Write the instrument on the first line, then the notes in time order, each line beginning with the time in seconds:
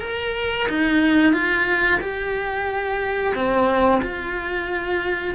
cello
0.00 A#4
0.68 D#4
1.32 F4
2.00 G4
3.35 C4
4.02 F4